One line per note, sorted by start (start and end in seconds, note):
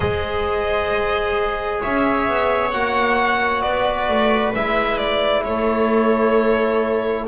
0.00 1.80 G#3
0.00 2.71 G#4
0.00 1.81 C5
0.00 1.80 D#5
1.81 2.28 C#4
1.81 3.62 C#5
1.81 2.70 E5
2.28 2.73 B3
2.70 3.63 A#3
2.70 4.54 F#4
2.70 3.61 F#5
3.61 4.08 B3
3.61 5.43 B4
3.61 4.52 D5
4.08 4.53 A3
4.55 5.45 G#3
4.55 7.28 E4
4.55 4.97 E5
4.97 5.43 D5
5.43 7.27 A3
5.43 7.28 A4
5.43 7.25 C#5